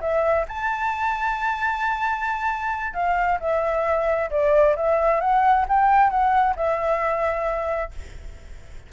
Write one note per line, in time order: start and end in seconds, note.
0.00 0.45 E5
0.48 2.93 A5
2.93 3.38 F5
3.40 4.30 E5
4.30 4.75 D5
4.76 5.20 E5
5.20 5.65 F#5
5.68 6.10 G5
6.10 6.55 F#5
6.56 7.91 E5